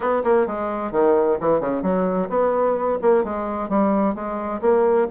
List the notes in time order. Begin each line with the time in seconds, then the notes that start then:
0.00 B3
0.23 A#3
0.47 G#3
0.91 D#3
1.40 E3
1.60 C#3
1.82 F#3
2.29 B3
3.01 A#3
3.24 G#3
3.69 G3
4.14 G#3
4.61 A#3